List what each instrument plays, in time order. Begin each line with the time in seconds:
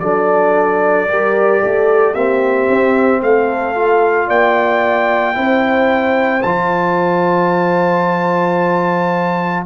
0.00 tuba F#3, trombone D4, horn A4, trumpet D5
1.08 tuba G3, trombone G4, horn A#4
1.61 tuba A3, horn A4
2.13 tuba A#3, trombone C4, horn G4, trumpet E5
2.69 tuba C4
3.22 tuba A3, horn A4, trumpet F5
3.75 trombone F4
4.28 tuba A#3, horn D5, trumpet G5
5.34 tuba C4, trombone E4, horn C5
6.42 tuba F3, trombone F4, trumpet A5